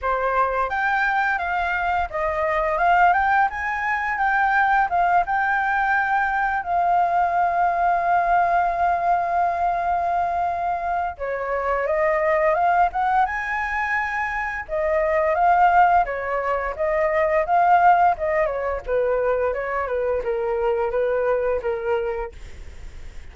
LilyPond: \new Staff \with { instrumentName = "flute" } { \time 4/4 \tempo 4 = 86 c''4 g''4 f''4 dis''4 | f''8 g''8 gis''4 g''4 f''8 g''8~ | g''4. f''2~ f''8~ | f''1 |
cis''4 dis''4 f''8 fis''8 gis''4~ | gis''4 dis''4 f''4 cis''4 | dis''4 f''4 dis''8 cis''8 b'4 | cis''8 b'8 ais'4 b'4 ais'4 | }